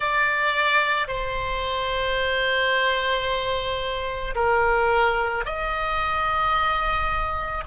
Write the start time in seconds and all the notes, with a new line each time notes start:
0.00 D5
1.07 C5
4.35 A#4
5.45 D#5